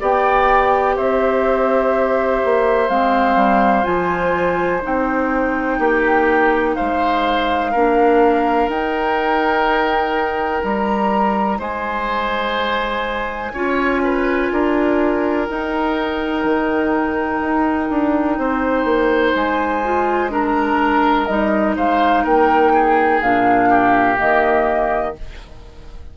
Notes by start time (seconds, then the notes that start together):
0.00 B3 G4 D5 G5
0.96 C4 C5 E5
2.44 A#3
2.89 G#3 C4 F5
3.35 G3
3.83 F3 F4 G#5
4.81 C4 D#4 G5
5.79 A#3 G4
6.75 G#3 C5 F5
7.71 A#3 D4 A#4
8.68 D#4 G5
10.64 G3 A#5
11.59 G#3 C5 G#5
13.53 C#4 F4 C#5
14.03 B4
14.52 D4 A#4
15.47 D#4 G5
16.44 D#3
17.41 D#4
17.90 D4
18.38 C4 C5
18.84 A#3
19.34 G#3 G#5
19.84 F4
20.29 D4 A#4 A#5
21.25 G3 D#4 D#5
21.76 G#3 C5 F5
22.24 A#3 A#4 G5
22.73 G#4
23.21 A#2 D4 F5
23.69 G4
24.17 D#3 A#3 D#5